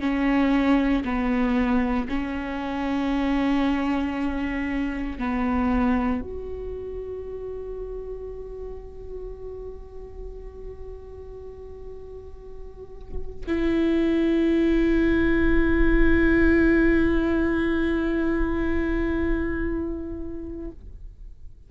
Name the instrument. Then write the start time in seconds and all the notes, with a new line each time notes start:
viola
0.00 C#4
1.04 B3
2.08 C#4
5.18 B3
6.21 F#4
13.46 E4